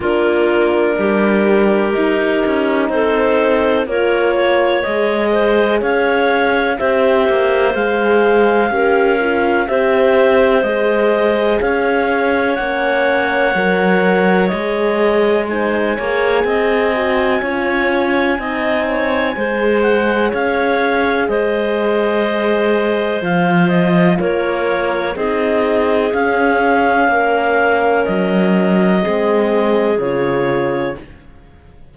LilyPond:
<<
  \new Staff \with { instrumentName = "clarinet" } { \time 4/4 \tempo 4 = 62 ais'2. c''4 | cis''4 dis''4 f''4 e''4 | f''2 e''4 dis''4 | f''4 fis''2 dis''4 |
gis''1~ | gis''8 fis''8 f''4 dis''2 | f''8 dis''8 cis''4 dis''4 f''4~ | f''4 dis''2 cis''4 | }
  \new Staff \with { instrumentName = "clarinet" } { \time 4/4 f'4 g'2 a'4 | ais'8 cis''4 c''8 cis''4 c''4~ | c''4 ais'4 c''2 | cis''1 |
c''8 cis''8 dis''4 cis''4 dis''8 cis''8 | c''4 cis''4 c''2~ | c''4 ais'4 gis'2 | ais'2 gis'2 | }
  \new Staff \with { instrumentName = "horn" } { \time 4/4 d'2 dis'2 | f'4 gis'2 g'4 | gis'4 g'8 f'8 g'4 gis'4~ | gis'4 cis'4 ais'4 gis'4 |
dis'8 gis'4 fis'8 f'4 dis'4 | gis'1 | f'2 dis'4 cis'4~ | cis'2 c'4 f'4 | }
  \new Staff \with { instrumentName = "cello" } { \time 4/4 ais4 g4 dis'8 cis'8 c'4 | ais4 gis4 cis'4 c'8 ais8 | gis4 cis'4 c'4 gis4 | cis'4 ais4 fis4 gis4~ |
gis8 ais8 c'4 cis'4 c'4 | gis4 cis'4 gis2 | f4 ais4 c'4 cis'4 | ais4 fis4 gis4 cis4 | }
>>